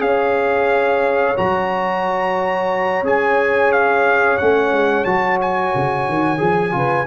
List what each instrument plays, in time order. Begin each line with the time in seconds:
0.00 tuba C#4, trombone G#4, horn C#5, trumpet F5
1.37 tuba F#3, trombone F#4, trumpet A#5
3.03 tuba C#4, trombone G#4, trumpet G#5
3.73 trumpet F5
4.38 tuba A3, trombone C#4, trumpet F#5
4.72 tuba G#3
5.05 tuba F#3, trombone F#4, trumpet A5
5.42 trumpet G#5
5.75 tuba C#3
6.09 tuba D#3
6.39 tuba F3, trombone G#4
6.72 tuba C#3, trombone F4, horn B4